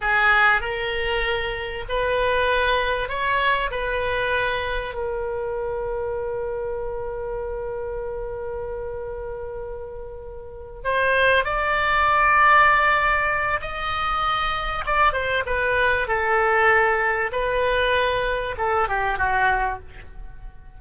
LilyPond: \new Staff \with { instrumentName = "oboe" } { \time 4/4 \tempo 4 = 97 gis'4 ais'2 b'4~ | b'4 cis''4 b'2 | ais'1~ | ais'1~ |
ais'4. c''4 d''4.~ | d''2 dis''2 | d''8 c''8 b'4 a'2 | b'2 a'8 g'8 fis'4 | }